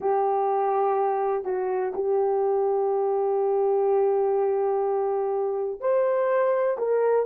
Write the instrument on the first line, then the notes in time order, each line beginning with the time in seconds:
horn
0.00 G4
1.44 F#4
1.94 G4
5.80 C5
6.77 A#4